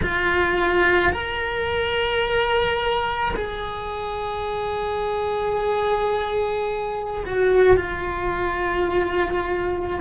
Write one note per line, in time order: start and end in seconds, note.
0.02 1.12 F4
1.12 3.34 A#4
3.35 7.24 G#4
7.25 7.76 F#4
7.76 9.98 F4